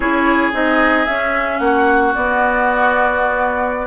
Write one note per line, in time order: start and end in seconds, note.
0.00 0.52 C#4
0.00 0.52 E4
0.00 1.57 G#4
0.00 0.53 C#5
0.52 1.07 C4
0.52 1.06 D#4
0.52 1.06 D#5
1.06 1.59 C#4
1.06 2.15 C#4
1.06 1.59 E5
1.59 2.13 A#3
1.59 3.87 F#4
1.59 2.12 F#5
2.14 3.87 B3
2.14 3.87 D5